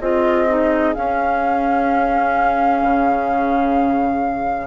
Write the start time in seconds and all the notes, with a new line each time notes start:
0.00 C4 F4 G#4 D#5
0.48 D#4
0.94 C#4 F5
2.82 C#3